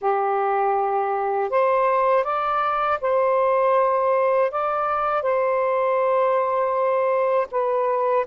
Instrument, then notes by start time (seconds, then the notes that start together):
saxophone
0.01 G4
1.50 C5
2.24 D5
3.01 C5
4.51 D5
5.22 C5
7.51 B4